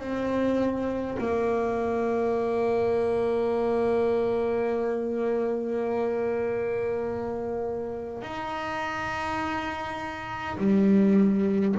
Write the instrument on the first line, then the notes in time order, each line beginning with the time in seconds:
double bass
0.00 C4
1.18 A#3
8.22 D#4
10.58 G3